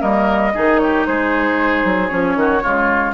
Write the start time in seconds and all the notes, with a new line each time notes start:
0.00 G3 A#3 A#4 D#5
0.55 D#3 D#4 G#4
0.79 G4 C#5
1.06 G#3 G#4 C5
1.85 F#3
2.08 F3 C#4 C#5
2.36 D#3 F#4
2.63 C#3 G#3 F4